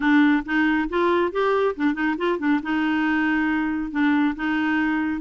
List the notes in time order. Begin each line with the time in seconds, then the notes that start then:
0.00 D4
0.45 D#4
0.89 F4
1.32 G4
1.75 D4
1.93 D#4
2.17 F4
2.38 D4
2.62 D#4
3.91 D4
4.35 D#4